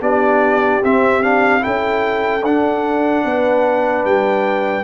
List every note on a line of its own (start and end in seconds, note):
0.00 0.82 B3
0.00 0.81 D4
0.00 1.63 G4
0.00 0.83 D5
0.83 1.64 C4
0.83 1.22 C4
0.83 1.23 E5
1.22 1.60 D4
1.22 1.63 F5
1.60 2.41 E4
1.60 3.26 A4
1.60 2.44 G5
1.66 2.43 C#4
2.43 3.24 D4
2.43 4.83 D4
2.43 4.05 F#5
3.24 4.04 B3
3.24 4.83 B4
4.04 4.83 G3
4.04 4.83 G5